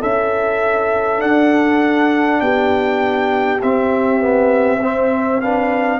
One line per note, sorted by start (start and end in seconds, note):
0.00 1.21 C#4
0.00 1.19 E4
0.00 2.40 A4
0.00 1.21 E5
1.19 3.58 D4
1.19 2.41 D4
1.19 2.41 F#5
2.41 3.61 B3
2.41 4.81 G4
2.41 3.60 G5
3.62 6.00 C4
3.62 4.19 C4
3.62 5.41 E5
4.19 4.79 B3
4.81 5.41 C4
4.81 5.41 C5
5.41 6.00 D4
5.41 6.00 B4
5.41 6.00 F5